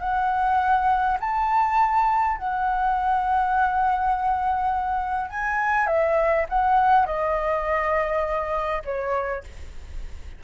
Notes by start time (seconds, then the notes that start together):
0.00 F#5
1.20 A5
2.37 F#5
5.30 G#5
5.87 E5
6.49 F#5
7.06 D#5
8.85 C#5